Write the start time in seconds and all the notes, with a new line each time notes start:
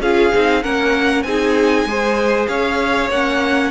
0.00 C#4 F4 G#4 F5
0.34 C4 D#4
0.62 A#3 C#4 A#4 F#5
1.23 C4 D#4 G#4 G#5
1.85 G#3 G#4 C5
2.47 C#4 C#5 F5
3.10 A#3 C#4 F#5